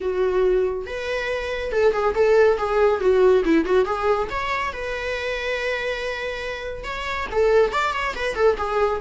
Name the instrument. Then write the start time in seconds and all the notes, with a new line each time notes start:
viola
0.01 F#4
0.86 B4
1.72 A4
1.92 G#4
2.14 A4
2.57 G#4
3.00 F#4
3.44 E4
3.65 F#4
3.85 G#4
4.30 C#5
4.72 B4
6.84 C#5
7.31 A4
7.72 D5
7.93 C#5
8.15 B4
8.35 A4
8.57 G#4